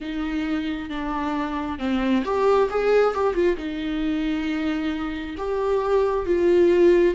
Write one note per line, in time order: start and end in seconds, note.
0.00 0.90 D#4
0.90 1.78 D4
1.78 2.23 C4
2.24 2.69 G4
2.69 3.14 G#4
3.14 3.34 G4
3.34 3.56 F4
3.56 5.35 D#4
5.37 6.26 G4
6.26 7.14 F4